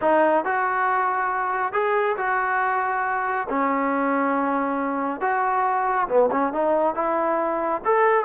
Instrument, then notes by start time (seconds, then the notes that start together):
trombone
0.01 D#4
0.44 F#4
1.73 G#4
2.17 F#4
3.49 C#4
5.20 F#4
6.08 B3
6.31 C#4
6.52 D#4
6.94 E4
7.84 A4